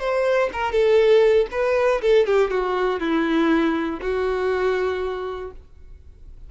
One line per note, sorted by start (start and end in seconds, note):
0.00 0.50 C5
0.53 0.72 A#4
0.72 1.47 A4
1.51 2.01 B4
2.02 2.27 A4
2.27 2.51 G4
2.51 3.00 F#4
3.00 4.00 E4
4.02 5.52 F#4